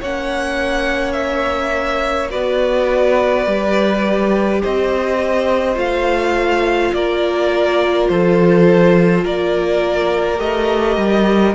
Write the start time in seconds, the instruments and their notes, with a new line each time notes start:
0.00 cello A#3, viola C#4, violin C#5 F#5
1.12 violin E5
2.31 cello B3, viola F#4, violin B4 D5
3.46 cello G3, viola G4
4.62 cello C4, violin C5 D#5
5.75 cello A3, viola F4, violin F5
6.94 cello A#3, violin A#4 D5
8.09 cello F3, violin A4 C5
9.25 cello A#3, violin A#4 D5
10.37 cello A3, viola G4, violin D#5
10.97 cello G3